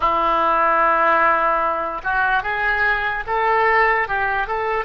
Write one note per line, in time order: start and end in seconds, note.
0.00 2.01 E4
2.03 2.43 F#4
2.43 3.24 G#4
3.27 4.08 A4
4.08 4.47 G4
4.47 4.84 A4